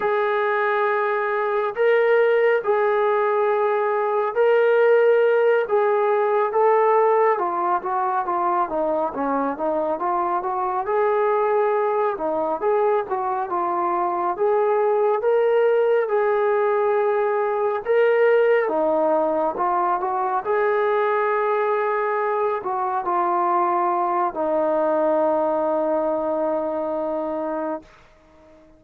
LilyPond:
\new Staff \with { instrumentName = "trombone" } { \time 4/4 \tempo 4 = 69 gis'2 ais'4 gis'4~ | gis'4 ais'4. gis'4 a'8~ | a'8 f'8 fis'8 f'8 dis'8 cis'8 dis'8 f'8 | fis'8 gis'4. dis'8 gis'8 fis'8 f'8~ |
f'8 gis'4 ais'4 gis'4.~ | gis'8 ais'4 dis'4 f'8 fis'8 gis'8~ | gis'2 fis'8 f'4. | dis'1 | }